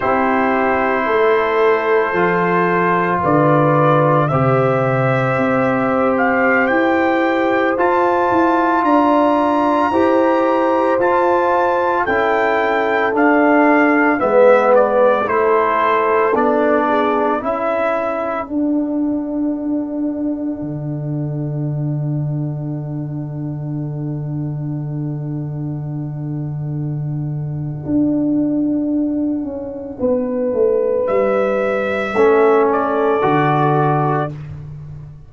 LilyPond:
<<
  \new Staff \with { instrumentName = "trumpet" } { \time 4/4 \tempo 4 = 56 c''2. d''4 | e''4.~ e''16 f''8 g''4 a''8.~ | a''16 ais''2 a''4 g''8.~ | g''16 f''4 e''8 d''8 c''4 d''8.~ |
d''16 e''4 fis''2~ fis''8.~ | fis''1~ | fis''1~ | fis''4 e''4. d''4. | }
  \new Staff \with { instrumentName = "horn" } { \time 4/4 g'4 a'2 b'4 | c''1~ | c''16 d''4 c''2 a'8.~ | a'4~ a'16 b'4 a'4. gis'16~ |
gis'16 a'2.~ a'8.~ | a'1~ | a'1 | b'2 a'2 | }
  \new Staff \with { instrumentName = "trombone" } { \time 4/4 e'2 f'2 | g'2.~ g'16 f'8.~ | f'4~ f'16 g'4 f'4 e'8.~ | e'16 d'4 b4 e'4 d'8.~ |
d'16 e'4 d'2~ d'8.~ | d'1~ | d'1~ | d'2 cis'4 fis'4 | }
  \new Staff \with { instrumentName = "tuba" } { \time 4/4 c'4 a4 f4 d4 | c4 c'4~ c'16 e'4 f'8 e'16~ | e'16 d'4 e'4 f'4 cis'8.~ | cis'16 d'4 gis4 a4 b8.~ |
b16 cis'4 d'2 d8.~ | d1~ | d2 d'4. cis'8 | b8 a8 g4 a4 d4 | }
>>